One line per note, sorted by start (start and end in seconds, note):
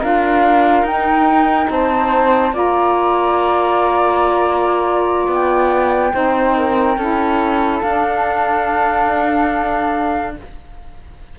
0.00 0.82 D4
0.00 0.86 F4
0.00 1.69 A#4
0.00 0.86 F5
0.82 1.67 D#4
0.82 2.52 D#4
0.82 1.70 G5
1.70 2.52 C4
1.70 2.53 C5
1.70 2.55 A5
2.52 5.27 A#3
2.52 6.11 F4
2.52 6.12 D5
2.52 5.30 A#5
5.27 6.12 B3
5.27 7.81 G5
6.11 6.97 C4
6.11 6.96 D#4
6.11 6.56 C5
6.57 6.98 A#4
6.97 7.82 C#4
6.97 7.83 E4
6.97 10.36 A4
7.81 10.36 D4
7.81 10.38 D4
7.81 10.34 F5